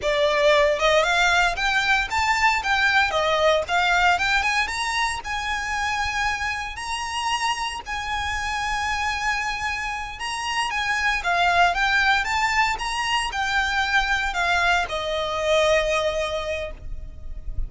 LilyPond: \new Staff \with { instrumentName = "violin" } { \time 4/4 \tempo 4 = 115 d''4. dis''8 f''4 g''4 | a''4 g''4 dis''4 f''4 | g''8 gis''8 ais''4 gis''2~ | gis''4 ais''2 gis''4~ |
gis''2.~ gis''8 ais''8~ | ais''8 gis''4 f''4 g''4 a''8~ | a''8 ais''4 g''2 f''8~ | f''8 dis''2.~ dis''8 | }